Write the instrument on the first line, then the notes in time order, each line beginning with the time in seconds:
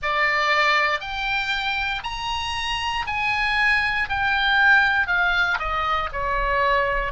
oboe
0.02 D5
1.00 G5
2.03 A#5
3.06 G#5
4.09 G5
5.07 F5
5.58 D#5
6.12 C#5